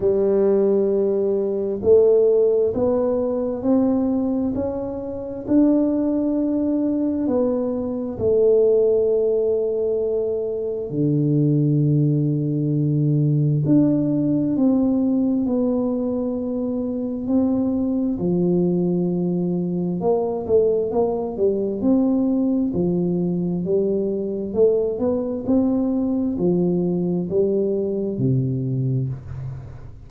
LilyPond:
\new Staff \with { instrumentName = "tuba" } { \time 4/4 \tempo 4 = 66 g2 a4 b4 | c'4 cis'4 d'2 | b4 a2. | d2. d'4 |
c'4 b2 c'4 | f2 ais8 a8 ais8 g8 | c'4 f4 g4 a8 b8 | c'4 f4 g4 c4 | }